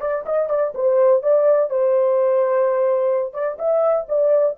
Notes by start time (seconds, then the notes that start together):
0.00 D5
0.25 D#5
0.49 D5
0.74 C5
1.22 D5
1.70 C5
3.33 D5
3.58 E5
4.08 D5